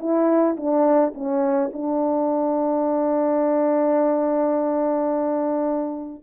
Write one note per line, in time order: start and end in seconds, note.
0.00 0.57 E4
0.57 1.14 D4
1.15 1.71 C#4
1.73 6.24 D4